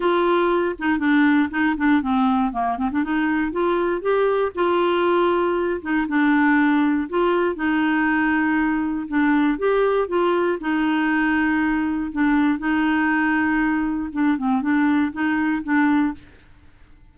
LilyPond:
\new Staff \with { instrumentName = "clarinet" } { \time 4/4 \tempo 4 = 119 f'4. dis'8 d'4 dis'8 d'8 | c'4 ais8 c'16 d'16 dis'4 f'4 | g'4 f'2~ f'8 dis'8 | d'2 f'4 dis'4~ |
dis'2 d'4 g'4 | f'4 dis'2. | d'4 dis'2. | d'8 c'8 d'4 dis'4 d'4 | }